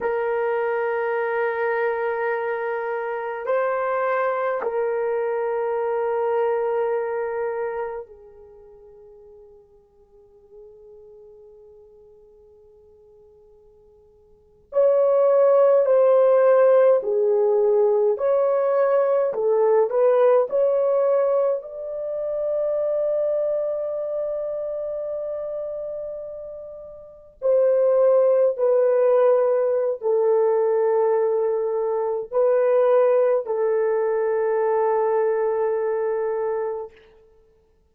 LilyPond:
\new Staff \with { instrumentName = "horn" } { \time 4/4 \tempo 4 = 52 ais'2. c''4 | ais'2. gis'4~ | gis'1~ | gis'8. cis''4 c''4 gis'4 cis''16~ |
cis''8. a'8 b'8 cis''4 d''4~ d''16~ | d''2.~ d''8. c''16~ | c''8. b'4~ b'16 a'2 | b'4 a'2. | }